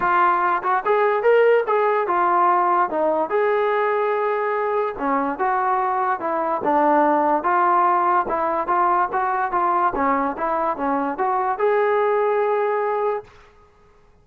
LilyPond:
\new Staff \with { instrumentName = "trombone" } { \time 4/4 \tempo 4 = 145 f'4. fis'8 gis'4 ais'4 | gis'4 f'2 dis'4 | gis'1 | cis'4 fis'2 e'4 |
d'2 f'2 | e'4 f'4 fis'4 f'4 | cis'4 e'4 cis'4 fis'4 | gis'1 | }